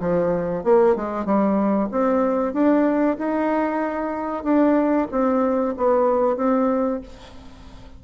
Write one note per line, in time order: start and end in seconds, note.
0.00 0.63 F3
0.63 0.95 A#3
0.95 1.25 G#3
1.25 1.89 G3
1.91 2.53 C4
2.53 3.17 D4
3.18 4.43 D#4
4.43 5.07 D4
5.11 5.75 C4
5.77 6.36 B3
6.36 7.00 C4